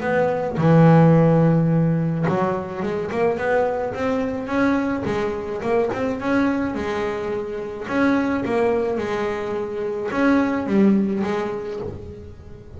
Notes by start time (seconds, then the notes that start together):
0.00 B3
0.57 E3
2.28 F#3
2.82 G#3
3.11 A#3
3.37 B3
3.94 C4
4.46 C#4
5.05 G#3
5.61 A#3
5.93 C4
6.20 C#4
6.74 G#3
7.88 C#4
8.44 A#3
8.97 G#3
10.11 C#4
10.66 G3
11.23 G#3